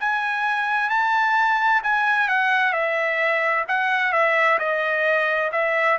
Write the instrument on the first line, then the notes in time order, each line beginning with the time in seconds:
trumpet
0.00 G#5
0.90 A5
1.83 G#5
2.28 F#5
2.72 E5
3.68 F#5
4.12 E5
4.59 D#5
5.52 E5